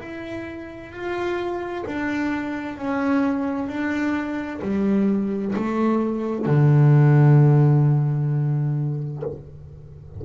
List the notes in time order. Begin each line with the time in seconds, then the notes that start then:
0.00 E4
0.92 F4
1.86 D4
2.77 C#4
3.68 D4
4.62 G3
5.55 A3
6.46 D3